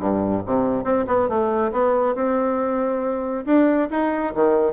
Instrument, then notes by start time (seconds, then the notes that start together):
bassoon
0.00 G2
0.46 C3
0.85 C4
1.08 B3
1.29 A3
1.72 B3
2.16 C4
3.46 D4
3.91 D#4
4.35 D#3